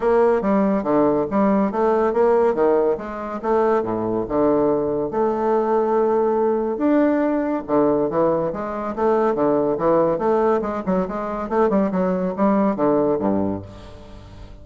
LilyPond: \new Staff \with { instrumentName = "bassoon" } { \time 4/4 \tempo 4 = 141 ais4 g4 d4 g4 | a4 ais4 dis4 gis4 | a4 a,4 d2 | a1 |
d'2 d4 e4 | gis4 a4 d4 e4 | a4 gis8 fis8 gis4 a8 g8 | fis4 g4 d4 g,4 | }